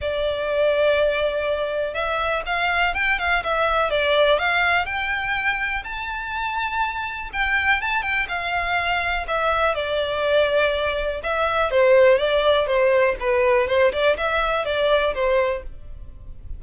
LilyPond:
\new Staff \with { instrumentName = "violin" } { \time 4/4 \tempo 4 = 123 d''1 | e''4 f''4 g''8 f''8 e''4 | d''4 f''4 g''2 | a''2. g''4 |
a''8 g''8 f''2 e''4 | d''2. e''4 | c''4 d''4 c''4 b'4 | c''8 d''8 e''4 d''4 c''4 | }